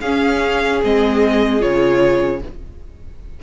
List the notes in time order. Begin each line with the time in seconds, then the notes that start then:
0.00 C#4 G#4 F5
0.83 G#3 C4 D#5
1.60 C#3 F4 C#5